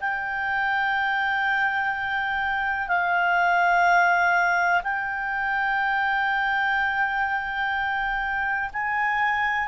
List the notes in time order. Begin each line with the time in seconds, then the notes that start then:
0.00 G5
2.88 F5
4.83 G5
8.73 G#5